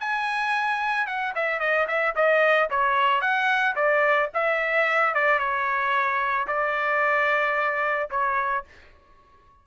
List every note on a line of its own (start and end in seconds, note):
0.00 1.07 G#5
1.07 1.34 F#5
1.35 1.60 E5
1.60 1.87 D#5
1.87 2.14 E5
2.15 2.70 D#5
2.70 3.21 C#5
3.21 3.75 F#5
3.75 4.29 D5
4.34 5.14 E5
5.14 5.39 D5
5.39 6.47 C#5
6.47 8.09 D5
8.11 8.65 C#5